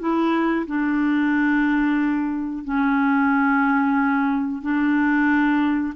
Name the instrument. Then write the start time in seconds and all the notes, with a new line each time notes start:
clarinet
0.00 E4
0.67 D4
2.65 C#4
4.62 D4